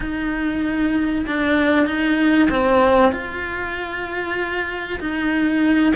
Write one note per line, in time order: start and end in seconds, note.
0.00 1.25 D#4
1.26 1.86 D4
1.86 2.48 D#4
2.50 3.12 C4
3.12 4.99 F4
5.00 5.93 D#4